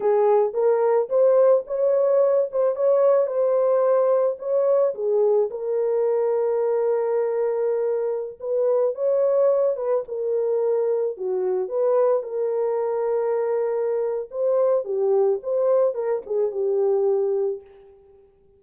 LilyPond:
\new Staff \with { instrumentName = "horn" } { \time 4/4 \tempo 4 = 109 gis'4 ais'4 c''4 cis''4~ | cis''8 c''8 cis''4 c''2 | cis''4 gis'4 ais'2~ | ais'2.~ ais'16 b'8.~ |
b'16 cis''4. b'8 ais'4.~ ais'16~ | ais'16 fis'4 b'4 ais'4.~ ais'16~ | ais'2 c''4 g'4 | c''4 ais'8 gis'8 g'2 | }